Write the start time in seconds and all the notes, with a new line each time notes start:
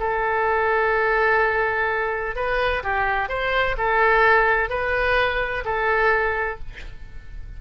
0.00 A4
2.36 B4
2.83 G4
3.29 C5
3.78 A4
4.70 B4
5.65 A4